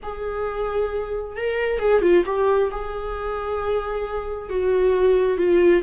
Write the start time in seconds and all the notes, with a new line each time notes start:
0.02 G#4
1.36 A#4
1.79 G#4
2.01 F4
2.25 G4
2.71 G#4
4.49 F#4
5.37 F4